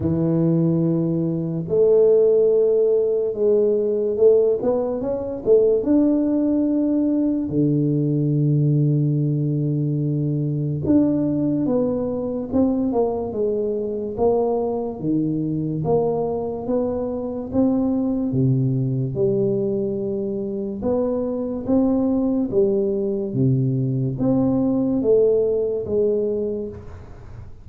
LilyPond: \new Staff \with { instrumentName = "tuba" } { \time 4/4 \tempo 4 = 72 e2 a2 | gis4 a8 b8 cis'8 a8 d'4~ | d'4 d2.~ | d4 d'4 b4 c'8 ais8 |
gis4 ais4 dis4 ais4 | b4 c'4 c4 g4~ | g4 b4 c'4 g4 | c4 c'4 a4 gis4 | }